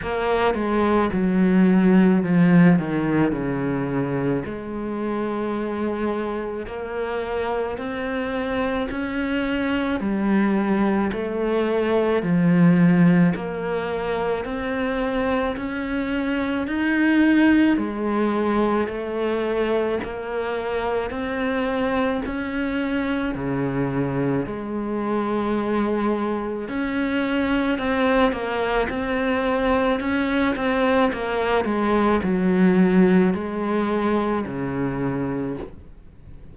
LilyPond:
\new Staff \with { instrumentName = "cello" } { \time 4/4 \tempo 4 = 54 ais8 gis8 fis4 f8 dis8 cis4 | gis2 ais4 c'4 | cis'4 g4 a4 f4 | ais4 c'4 cis'4 dis'4 |
gis4 a4 ais4 c'4 | cis'4 cis4 gis2 | cis'4 c'8 ais8 c'4 cis'8 c'8 | ais8 gis8 fis4 gis4 cis4 | }